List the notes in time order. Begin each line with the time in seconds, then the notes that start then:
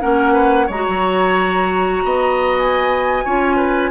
0.00 A#3 C#4 A#4 F#5
0.33 B4
0.66 G#3 C#5 A#5
0.74 F#4
0.88 F#3
2.04 B3 D#5
2.59 G#5
3.25 C#4 F4 C#5
3.56 B4